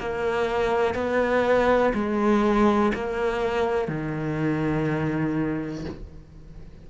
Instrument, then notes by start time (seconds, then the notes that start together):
cello
0.00 A#3
0.95 B3
1.94 G#3
2.95 A#3
3.89 D#3